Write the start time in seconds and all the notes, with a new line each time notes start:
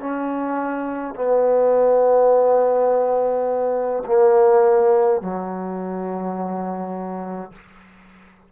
0.00 C#4
1.15 B3
4.06 A#3
5.22 F#3